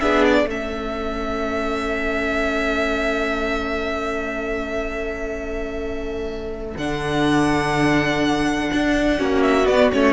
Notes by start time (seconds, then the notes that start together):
0.00 B3 D4 G#4 E5
0.24 D5
0.46 A3 C#4 A4 E5
6.77 D3 D4 F#5
8.73 D4
9.17 A#3 C#4 F#4
9.42 E5
9.66 B3 D5
9.92 A3 C#4 C#5